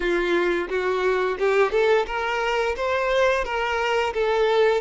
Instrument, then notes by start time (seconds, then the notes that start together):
violin
0.00 F4
0.69 F#4
1.38 G4
1.71 A4
2.06 A#4
2.76 C5
3.44 A#4
4.13 A4